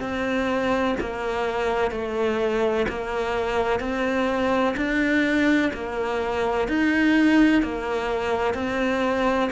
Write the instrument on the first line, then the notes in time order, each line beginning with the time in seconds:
cello
0.00 C4
1.00 A#3
1.91 A3
2.88 A#3
3.80 C4
4.77 D4
5.73 A#3
6.68 D#4
7.62 A#3
8.54 C4